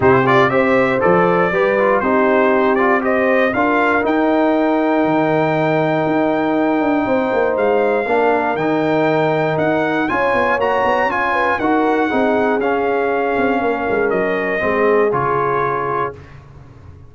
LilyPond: <<
  \new Staff \with { instrumentName = "trumpet" } { \time 4/4 \tempo 4 = 119 c''8 d''8 e''4 d''2 | c''4. d''8 dis''4 f''4 | g''1~ | g''2. f''4~ |
f''4 g''2 fis''4 | gis''4 ais''4 gis''4 fis''4~ | fis''4 f''2. | dis''2 cis''2 | }
  \new Staff \with { instrumentName = "horn" } { \time 4/4 g'4 c''2 b'4 | g'2 c''4 ais'4~ | ais'1~ | ais'2 c''2 |
ais'1 | cis''2~ cis''8 b'8 ais'4 | gis'2. ais'4~ | ais'4 gis'2. | }
  \new Staff \with { instrumentName = "trombone" } { \time 4/4 e'8 f'8 g'4 a'4 g'8 f'8 | dis'4. f'8 g'4 f'4 | dis'1~ | dis'1 |
d'4 dis'2. | f'4 fis'4 f'4 fis'4 | dis'4 cis'2.~ | cis'4 c'4 f'2 | }
  \new Staff \with { instrumentName = "tuba" } { \time 4/4 c4 c'4 f4 g4 | c'2. d'4 | dis'2 dis2 | dis'4. d'8 c'8 ais8 gis4 |
ais4 dis2 dis'4 | cis'8 b8 ais8 b8 cis'4 dis'4 | c'4 cis'4. c'8 ais8 gis8 | fis4 gis4 cis2 | }
>>